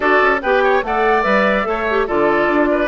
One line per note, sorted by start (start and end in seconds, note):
0.00 0.21 D4
0.00 0.38 F#4
0.00 0.41 A4
0.00 0.41 D5
0.21 0.42 C#4
0.41 0.82 B3
0.41 0.83 G4
0.41 0.63 B4
0.41 0.83 G5
0.63 0.83 C#5
0.82 1.24 A3
0.82 1.23 A4
0.82 1.68 D5
0.82 1.22 F#5
1.22 1.66 G3
1.22 1.64 B4
1.22 2.05 E5
1.64 2.07 A3
1.64 1.85 A4
1.64 2.07 C#5
1.89 2.08 G4
2.07 2.48 D3
2.07 2.87 F4
2.07 2.69 A4
2.07 2.87 D5
2.48 2.87 D4
2.70 2.87 B4